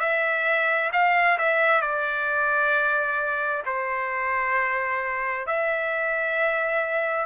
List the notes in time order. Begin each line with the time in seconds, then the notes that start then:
0.00 E5
0.93 F5
1.38 E5
1.81 D5
3.66 C5
5.47 E5